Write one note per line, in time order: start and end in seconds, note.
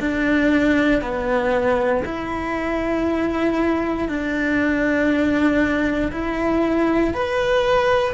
0.00 1.02 D4
1.02 2.03 B3
2.05 4.08 E4
4.08 6.12 D4
6.12 7.14 E4
7.14 8.14 B4